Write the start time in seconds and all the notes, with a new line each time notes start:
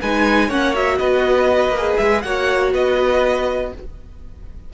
0.00 G#3 D#4 B4 G#5
0.47 A#3 C#4 C#5 F#5
0.73 F#4 E5
0.98 B3 B4 D#5
1.69 A#3
1.77 G#4
1.97 G#3 E5
2.21 A#3 F#4 C#5 F#5
2.73 B3 B4 D#5